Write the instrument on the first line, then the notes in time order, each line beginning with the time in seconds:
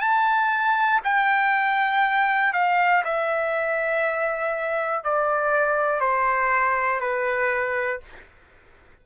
trumpet
0.00 A5
1.04 G5
2.53 F5
3.05 E5
5.04 D5
6.00 C5
7.00 B4